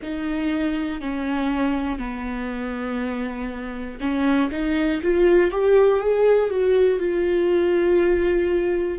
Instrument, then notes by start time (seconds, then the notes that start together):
viola
0.02 D#4
1.00 C#4
1.99 B3
4.00 C#4
4.51 D#4
5.02 F4
5.51 G4
6.00 G#4
6.50 F#4
6.99 F4